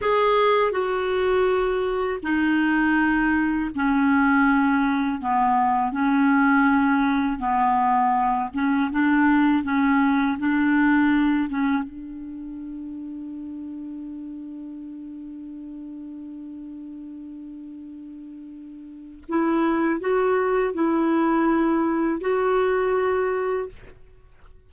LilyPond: \new Staff \with { instrumentName = "clarinet" } { \time 4/4 \tempo 4 = 81 gis'4 fis'2 dis'4~ | dis'4 cis'2 b4 | cis'2 b4. cis'8 | d'4 cis'4 d'4. cis'8 |
d'1~ | d'1~ | d'2 e'4 fis'4 | e'2 fis'2 | }